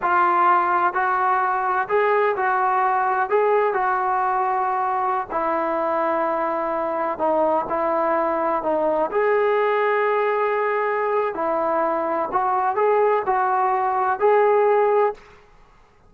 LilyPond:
\new Staff \with { instrumentName = "trombone" } { \time 4/4 \tempo 4 = 127 f'2 fis'2 | gis'4 fis'2 gis'4 | fis'2.~ fis'16 e'8.~ | e'2.~ e'16 dis'8.~ |
dis'16 e'2 dis'4 gis'8.~ | gis'1 | e'2 fis'4 gis'4 | fis'2 gis'2 | }